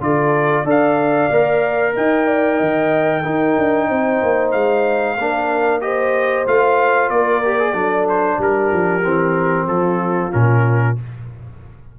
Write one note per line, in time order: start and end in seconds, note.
0.00 0.63 D3
0.00 0.65 F4
0.00 0.64 A4
0.00 0.67 D5
0.63 1.28 D4
0.63 1.30 A4
0.63 1.93 D5
0.70 1.96 F5
1.31 1.95 A#3
1.31 3.24 A#4
1.95 2.60 D#4
1.95 2.27 D#5
1.95 4.51 G5
2.27 2.56 D5
2.56 3.25 D#3
2.56 3.20 D#5
3.22 5.17 D#4
3.22 3.57 D#4
3.22 3.87 A#4
3.58 3.90 D4
3.88 4.22 C4
3.88 5.17 C5
4.22 4.53 A#3
4.51 5.17 G#3
4.51 5.80 F5
5.17 6.46 A#3
5.17 5.81 D4
5.17 5.84 A#4
5.81 6.45 G4
5.81 7.13 C5
5.81 6.45 D#5
6.46 7.09 A3
6.46 7.43 F4
6.46 7.10 F5
7.09 7.74 A#3
7.09 7.74 A#4
7.09 8.06 D5
7.44 7.59 G4
7.59 7.73 G#4
7.73 8.38 F#3
7.73 9.02 D4
7.73 8.38 A4
8.09 8.41 C5
8.38 8.71 G3
8.38 9.68 G4
8.38 9.68 A#4
8.72 9.04 F3
9.04 9.66 E3
9.04 10.31 C4
9.66 10.31 F3
9.66 10.97 F4
9.66 10.32 A4
10.31 10.99 A#2
10.31 10.96 C#4
10.31 10.97 A#4